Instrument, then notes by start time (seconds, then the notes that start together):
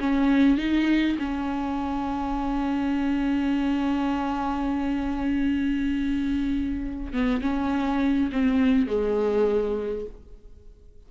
viola
0.00 C#4
0.58 D#4
1.19 C#4
7.13 B3
7.41 C#4
8.32 C4
8.87 G#3